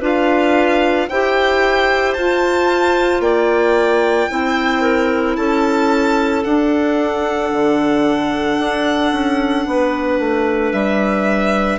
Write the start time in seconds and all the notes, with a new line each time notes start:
0.00 D4 F4 B4 F5
1.09 E4 G4 C5 G5
2.14 F4 A5
3.20 A#3 D5 G5
4.30 C4 E4 C5
4.82 A#4
5.36 C#4 A4 A5
6.44 D4 F#5
7.52 D3
8.59 D4
9.12 C#4
9.67 B3 B4
10.19 A3
10.72 G3 E5